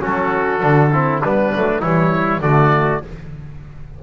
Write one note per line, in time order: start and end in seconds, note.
0.00 0.63 F#3
0.00 0.60 C#4
0.00 0.92 F#4
0.00 1.22 A4
0.60 1.23 D3
0.60 0.90 D4
0.93 1.23 C4
0.93 1.23 E4
1.22 1.53 G3
1.22 1.55 B3
1.22 1.81 D4
1.22 1.81 B4
1.55 1.83 F#3
1.55 1.83 A3
1.81 2.41 E3
1.81 2.43 G3
1.81 2.41 E4
1.81 2.42 C#5
2.41 3.01 D3
2.41 3.03 A3
2.41 3.03 F#4
2.41 3.02 D5